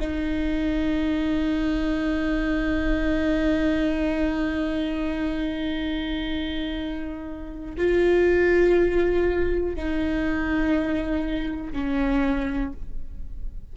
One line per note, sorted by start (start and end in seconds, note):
0.00 7.75 D#4
7.77 9.75 F4
9.75 11.72 D#4
11.72 12.72 C#4